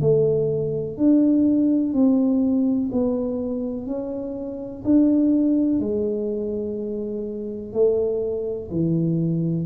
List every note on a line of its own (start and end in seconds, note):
0.00 0.97 A3
0.97 1.93 D4
1.93 2.89 C4
2.92 3.86 B3
3.86 4.83 C#4
4.84 5.79 D4
5.79 7.72 G#3
7.72 8.69 A3
8.70 9.66 E3